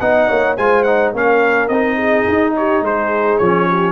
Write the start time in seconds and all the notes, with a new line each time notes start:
0.00 B3 D#4 D#5 F#5
0.28 A#3 C#5
0.57 G#3 F4 C5 G#5
0.83 D#4 F#5
1.12 A#3 C#4 A#4 F5
1.68 C4 D#4 D#5
1.96 G#4
2.28 D#4
2.56 G4 C#5
2.82 G#3 G#4 C5
3.38 F3 C#4 C#5
3.69 G4